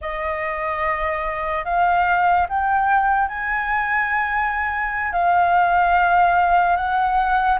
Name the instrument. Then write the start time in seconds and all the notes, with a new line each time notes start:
flute
0.01 D#5
1.64 F5
2.48 G5
3.28 G#5
5.12 F5
6.76 F#5